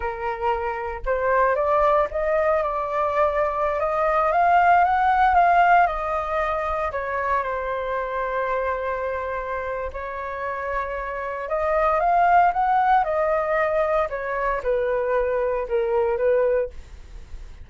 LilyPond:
\new Staff \with { instrumentName = "flute" } { \time 4/4 \tempo 4 = 115 ais'2 c''4 d''4 | dis''4 d''2~ d''16 dis''8.~ | dis''16 f''4 fis''4 f''4 dis''8.~ | dis''4~ dis''16 cis''4 c''4.~ c''16~ |
c''2. cis''4~ | cis''2 dis''4 f''4 | fis''4 dis''2 cis''4 | b'2 ais'4 b'4 | }